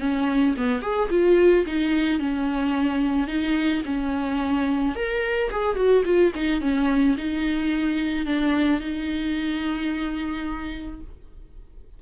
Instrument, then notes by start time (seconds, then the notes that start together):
viola
0.00 C#4
0.57 B3
0.82 G#4
1.10 F4
1.66 D#4
2.20 C#4
3.27 D#4
3.85 C#4
4.95 A#4
5.51 G#4
5.76 F#4
6.05 F4
6.35 D#4
6.61 C#4
7.18 D#4
8.26 D4
8.80 D#4